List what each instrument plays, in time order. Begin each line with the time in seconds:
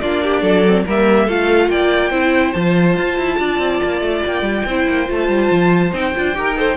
0.00 cello A#3, viola D4, violin F4 D5
0.23 violin G4
0.41 cello F#3, violin A4
0.67 viola C4
0.86 cello G3, viola A#3, violin A#4 E5
1.25 cello A3, viola F4, violin A4 F5
1.69 cello A#3, violin D5 G5
2.10 cello C4, viola E4, violin C5
2.53 cello F3, viola F4, violin A5
2.97 cello F4
3.17 cello E4
3.39 cello D4, violin D5
3.59 cello C4
3.83 cello A#3
4.01 cello A3
4.26 cello A#3, violin G5
4.41 cello G3
4.66 cello C4, viola E4, violin C5
4.88 cello A#3
5.06 cello A3, viola F4, violin A5
5.28 cello G3
5.51 cello F3
5.93 cello C4, viola D#4, violin G5
6.16 cello D4, viola F4
6.34 cello D#4, viola G4, violin A#4
6.55 viola A4, violin C5